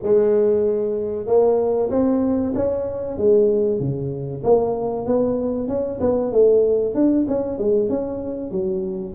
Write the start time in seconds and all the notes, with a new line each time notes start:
0.02 G#3
1.26 A#3
1.89 C4
2.54 C#4
3.17 G#3
3.79 C#3
4.43 A#3
5.06 B3
5.68 C#4
6.00 B3
6.32 A3
6.94 D4
7.28 C#4
7.58 G#3
7.89 C#4
8.51 F#3